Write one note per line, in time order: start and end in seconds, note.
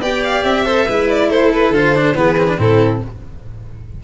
0.00 0.43 B3
0.00 0.65 G4
0.00 0.65 D5
0.00 0.23 G5
0.23 0.43 F5
0.43 0.86 C4
0.43 1.07 E5
0.65 0.87 A4
0.65 0.86 C5
0.86 1.29 G#3
0.86 1.74 E4
0.86 1.28 B4
1.09 1.30 D5
1.29 1.70 A3
1.29 2.16 A4
1.29 1.52 C5
1.53 1.74 B4
1.70 2.13 D3
1.70 1.95 F4
1.70 2.17 C5
1.95 2.15 D4
2.14 2.57 E3
2.14 2.36 B3
2.14 2.59 G#4
2.14 2.59 B4
2.37 2.47 C4
2.47 2.58 D4
2.58 3.01 A2
2.58 3.01 C4
2.58 3.02 E4
2.58 3.03 A4